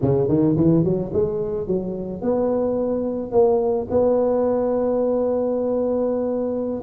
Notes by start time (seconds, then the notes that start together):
0.01 C#3
0.28 D#3
0.56 E3
0.83 F#3
1.13 G#3
1.67 F#3
2.21 B3
3.31 A#3
3.90 B3